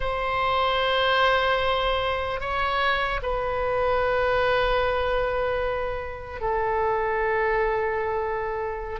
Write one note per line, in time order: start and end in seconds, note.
0.00 2.40 C5
2.40 3.20 C#5
3.22 6.40 B4
6.40 9.00 A4